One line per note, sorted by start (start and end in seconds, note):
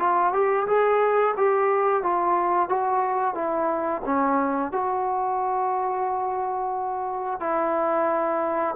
0.00 0.33 F4
0.33 0.67 G4
0.68 1.35 G#4
1.38 2.03 G4
2.03 2.70 F4
2.70 3.35 F#4
3.35 4.02 E4
4.05 4.72 C#4
4.72 7.41 F#4
7.41 8.76 E4